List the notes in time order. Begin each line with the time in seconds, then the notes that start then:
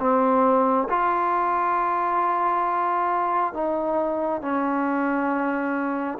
0.00 C4
0.89 F4
3.54 D#4
4.42 C#4